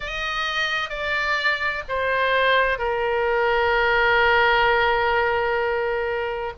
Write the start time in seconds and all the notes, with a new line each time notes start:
0.00 D#5
0.89 D5
1.88 C5
2.78 A#4